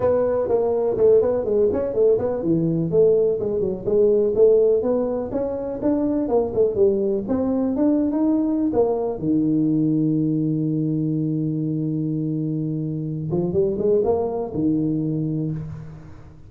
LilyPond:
\new Staff \with { instrumentName = "tuba" } { \time 4/4 \tempo 4 = 124 b4 ais4 a8 b8 gis8 cis'8 | a8 b8 e4 a4 gis8 fis8 | gis4 a4 b4 cis'4 | d'4 ais8 a8 g4 c'4 |
d'8. dis'4~ dis'16 ais4 dis4~ | dis1~ | dis2.~ dis8 f8 | g8 gis8 ais4 dis2 | }